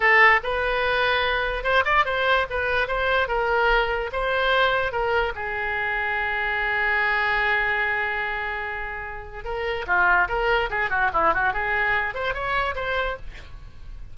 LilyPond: \new Staff \with { instrumentName = "oboe" } { \time 4/4 \tempo 4 = 146 a'4 b'2. | c''8 d''8 c''4 b'4 c''4 | ais'2 c''2 | ais'4 gis'2.~ |
gis'1~ | gis'2. ais'4 | f'4 ais'4 gis'8 fis'8 e'8 fis'8 | gis'4. c''8 cis''4 c''4 | }